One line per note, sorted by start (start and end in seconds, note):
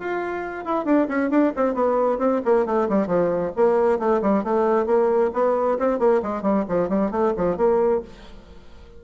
0.00 0.65 F4
0.65 0.85 E4
0.85 1.08 D4
1.08 1.30 C#4
1.30 1.53 D4
1.56 1.75 C4
1.75 2.19 B3
2.19 2.41 C4
2.45 2.66 A#3
2.66 2.89 A3
2.89 3.07 G3
3.07 3.52 F3
3.57 3.99 A#3
3.99 4.22 A3
4.22 4.44 G3
4.44 4.87 A3
4.87 5.31 A#3
5.34 5.78 B3
5.79 5.99 C4
5.99 6.22 A#3
6.23 6.43 G#3
6.43 6.65 G3
6.69 6.89 F3
6.89 7.11 G3
7.11 7.34 A3
7.37 7.57 F3
7.57 8.02 A#3